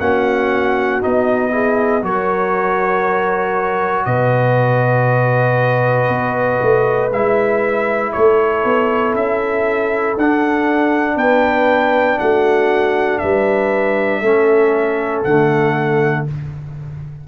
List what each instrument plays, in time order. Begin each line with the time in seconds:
0.00 tuba A#3, trombone C#4, horn F#4, trumpet F#5
1.01 tuba B3, trombone D#4, trumpet D#5
1.51 trombone E4, horn G#4
2.02 tuba F#3, trombone F#4, horn A#4, trumpet C#5
4.05 tuba B2, horn B4, trumpet D#5
6.08 tuba B3
6.62 tuba A3
7.11 tuba G#3, trombone E4, trumpet E5
8.12 tuba A3, horn A4, trumpet C#5
8.64 tuba B3
9.14 tuba C#4, trumpet E5
10.17 tuba D4, trombone D4, trumpet F#5
11.16 tuba B3, horn B4, trumpet G5
12.19 tuba A3, horn F#4, trumpet F#5
13.18 tuba G3, horn B4, trumpet E5
14.21 tuba A3, trombone C#4, horn A4
15.24 tuba D3, trombone A3, trumpet F#5